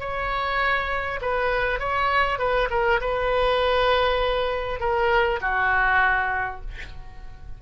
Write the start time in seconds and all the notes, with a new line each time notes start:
0.00 C#5
1.22 B4
1.80 C#5
2.39 B4
2.71 A#4
3.01 B4
4.80 A#4
5.41 F#4